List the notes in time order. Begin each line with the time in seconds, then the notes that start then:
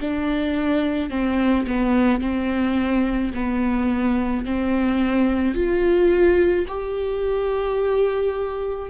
0.00 D4
1.10 C4
1.67 B3
2.20 C4
3.34 B3
4.44 C4
5.54 F4
6.67 G4